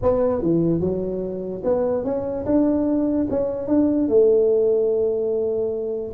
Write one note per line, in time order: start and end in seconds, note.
0.02 0.41 B3
0.41 0.80 E3
0.80 1.62 F#3
1.64 2.04 B3
2.04 2.45 C#4
2.45 3.27 D4
3.30 3.67 C#4
3.67 4.08 D4
4.08 6.12 A3